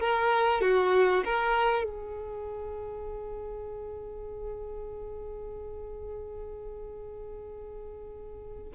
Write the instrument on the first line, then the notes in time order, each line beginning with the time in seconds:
violin
0.00 A#4
0.61 F#4
1.25 A#4
1.84 G#4